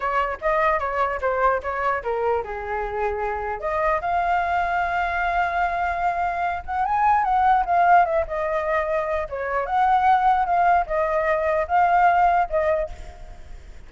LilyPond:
\new Staff \with { instrumentName = "flute" } { \time 4/4 \tempo 4 = 149 cis''4 dis''4 cis''4 c''4 | cis''4 ais'4 gis'2~ | gis'4 dis''4 f''2~ | f''1~ |
f''8 fis''8 gis''4 fis''4 f''4 | e''8 dis''2~ dis''8 cis''4 | fis''2 f''4 dis''4~ | dis''4 f''2 dis''4 | }